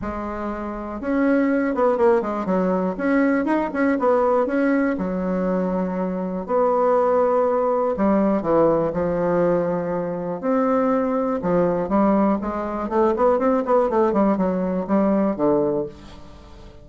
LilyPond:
\new Staff \with { instrumentName = "bassoon" } { \time 4/4 \tempo 4 = 121 gis2 cis'4. b8 | ais8 gis8 fis4 cis'4 dis'8 cis'8 | b4 cis'4 fis2~ | fis4 b2. |
g4 e4 f2~ | f4 c'2 f4 | g4 gis4 a8 b8 c'8 b8 | a8 g8 fis4 g4 d4 | }